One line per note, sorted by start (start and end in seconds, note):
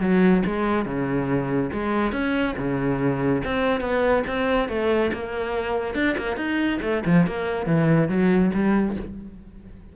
0.00 0.43 F#3
0.45 0.85 G#3
0.85 1.70 C#3
1.72 2.12 G#3
2.12 2.55 C#4
2.57 3.42 C#3
3.44 3.80 C4
3.80 4.23 B3
4.27 4.68 C4
4.68 5.11 A3
5.13 5.94 A#3
5.94 6.15 D4
6.18 6.36 A#3
6.36 6.79 D#4
6.82 7.03 A3
7.05 7.26 F3
7.26 7.66 A#3
7.66 8.08 E3
8.08 8.51 F#3
8.53 8.96 G3